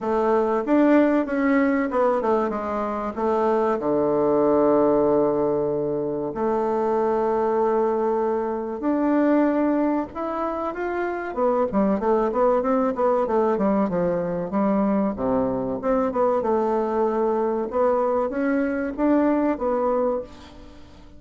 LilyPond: \new Staff \with { instrumentName = "bassoon" } { \time 4/4 \tempo 4 = 95 a4 d'4 cis'4 b8 a8 | gis4 a4 d2~ | d2 a2~ | a2 d'2 |
e'4 f'4 b8 g8 a8 b8 | c'8 b8 a8 g8 f4 g4 | c4 c'8 b8 a2 | b4 cis'4 d'4 b4 | }